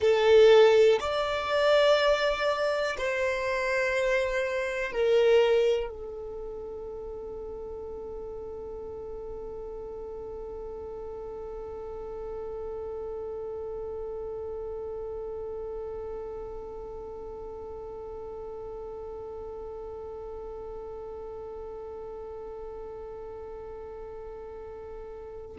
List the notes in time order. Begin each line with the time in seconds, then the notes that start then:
0.00 A4
1.00 D5
2.97 C5
4.92 A#4
5.90 A4